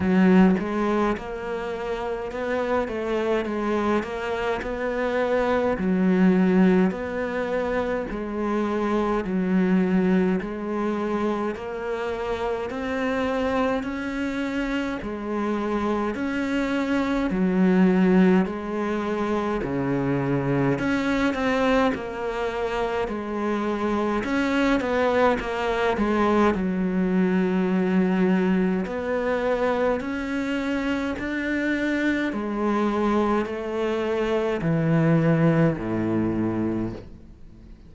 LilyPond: \new Staff \with { instrumentName = "cello" } { \time 4/4 \tempo 4 = 52 fis8 gis8 ais4 b8 a8 gis8 ais8 | b4 fis4 b4 gis4 | fis4 gis4 ais4 c'4 | cis'4 gis4 cis'4 fis4 |
gis4 cis4 cis'8 c'8 ais4 | gis4 cis'8 b8 ais8 gis8 fis4~ | fis4 b4 cis'4 d'4 | gis4 a4 e4 a,4 | }